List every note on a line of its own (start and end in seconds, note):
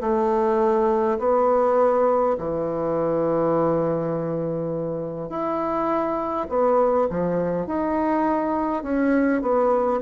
0.00 1.18 A3
1.18 2.36 B3
2.38 5.29 E3
5.29 6.47 E4
6.49 7.07 B3
7.10 7.66 F3
7.66 8.82 D#4
8.82 9.41 C#4
9.42 10.01 B3